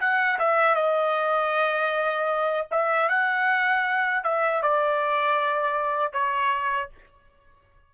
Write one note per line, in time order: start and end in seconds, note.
0.00 0.38 F#5
0.39 0.74 E5
0.74 2.67 D#5
2.71 3.09 E5
3.09 4.23 F#5
4.23 4.62 E5
4.62 6.12 D5
6.12 6.89 C#5